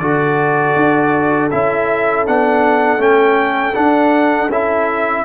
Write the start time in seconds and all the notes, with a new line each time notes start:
0.00 D3 F#4 A4 D5
0.76 D4
1.51 C#4 E4 E5
2.27 B3 D4 F#5
2.98 A3 C#4 G5
3.75 D4 F#5
4.49 C#4 E4 E5